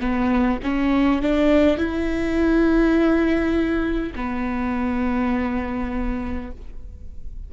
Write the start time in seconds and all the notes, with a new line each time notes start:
0.00 B3
0.63 C#4
1.21 D4
1.77 E4
4.15 B3